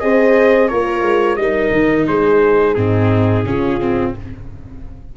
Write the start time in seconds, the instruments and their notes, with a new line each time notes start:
0.00 tuba C4, viola G#4, horn C5, trumpet D#5
0.68 tuba A#3, horn F4, viola A#4, trumpet C#5
1.02 tuba G#3
1.36 tuba G3, viola D#4, horn A#4, trumpet D#5
1.72 tuba D#3
2.07 tuba G#3, horn G#4, trumpet C5
2.74 tuba G#2, viola C4, horn D#4, trumpet G#4
3.46 tuba C#3, viola C#4, horn F4
3.80 viola C4